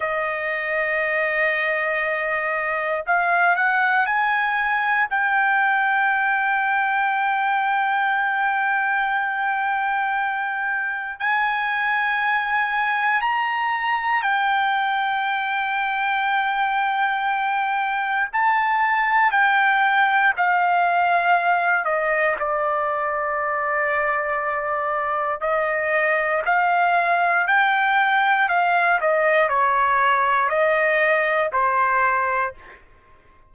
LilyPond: \new Staff \with { instrumentName = "trumpet" } { \time 4/4 \tempo 4 = 59 dis''2. f''8 fis''8 | gis''4 g''2.~ | g''2. gis''4~ | gis''4 ais''4 g''2~ |
g''2 a''4 g''4 | f''4. dis''8 d''2~ | d''4 dis''4 f''4 g''4 | f''8 dis''8 cis''4 dis''4 c''4 | }